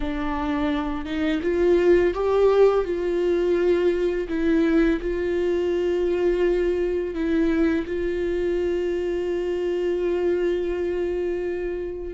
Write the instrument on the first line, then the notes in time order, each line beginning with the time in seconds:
viola
0.00 D4
1.05 D#4
1.42 F4
2.14 G4
2.84 F4
4.28 E4
5.01 F4
7.14 E4
7.86 F4